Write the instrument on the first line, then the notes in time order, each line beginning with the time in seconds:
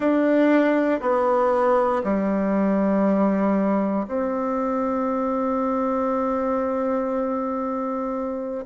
bassoon
0.00 D4
1.00 B3
2.03 G3
4.07 C4